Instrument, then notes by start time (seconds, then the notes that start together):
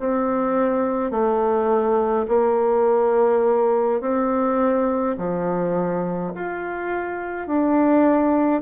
bassoon
0.00 C4
1.11 A3
2.28 A#3
4.01 C4
5.18 F3
6.35 F4
7.47 D4